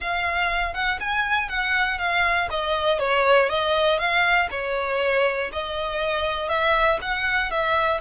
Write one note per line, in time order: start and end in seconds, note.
0.00 0.74 F5
0.74 0.99 F#5
1.00 1.48 G#5
1.48 1.98 F#5
1.98 2.48 F5
2.50 2.99 D#5
2.99 3.49 C#5
3.49 3.98 D#5
3.98 4.48 F5
4.50 5.50 C#5
5.52 6.49 D#5
6.49 6.99 E5
7.01 7.50 F#5
7.50 8.00 E5